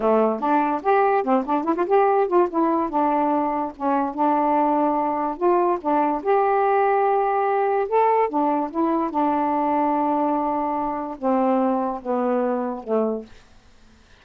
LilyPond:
\new Staff \with { instrumentName = "saxophone" } { \time 4/4 \tempo 4 = 145 a4 d'4 g'4 c'8 d'8 | e'16 f'16 g'4 f'8 e'4 d'4~ | d'4 cis'4 d'2~ | d'4 f'4 d'4 g'4~ |
g'2. a'4 | d'4 e'4 d'2~ | d'2. c'4~ | c'4 b2 a4 | }